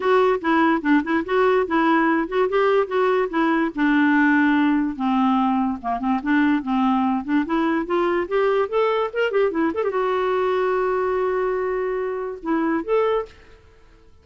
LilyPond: \new Staff \with { instrumentName = "clarinet" } { \time 4/4 \tempo 4 = 145 fis'4 e'4 d'8 e'8 fis'4 | e'4. fis'8 g'4 fis'4 | e'4 d'2. | c'2 ais8 c'8 d'4 |
c'4. d'8 e'4 f'4 | g'4 a'4 ais'8 g'8 e'8 a'16 g'16 | fis'1~ | fis'2 e'4 a'4 | }